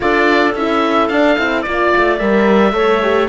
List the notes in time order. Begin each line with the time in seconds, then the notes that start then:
0.00 D4 F4 A4 D5
0.54 C#4 E4 E5
1.07 D4 F5
1.37 C4 E4
1.62 A#3 F4 D5
1.68 D5
1.96 A3
2.18 G3 A#4 E5
2.72 A3 A4 C#5
3.02 G4